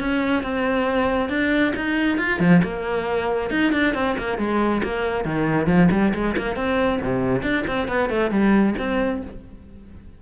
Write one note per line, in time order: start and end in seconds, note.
0.00 0.43 C#4
0.43 1.29 C4
1.29 1.73 D4
1.76 2.18 D#4
2.18 2.40 F4
2.40 2.62 F3
2.63 3.51 A#3
3.51 3.72 D#4
3.72 3.94 D4
3.94 4.16 C4
4.18 4.38 A#3
4.38 4.82 G#3
4.84 5.25 A#3
5.25 5.67 D#3
5.67 5.89 F3
5.91 6.13 G3
6.14 6.36 G#3
6.37 6.56 A#3
6.56 7.00 C4
7.02 7.42 C3
7.42 7.64 D4
7.67 7.88 C4
7.88 8.10 B3
8.10 8.31 A3
8.31 8.75 G3
8.78 9.22 C4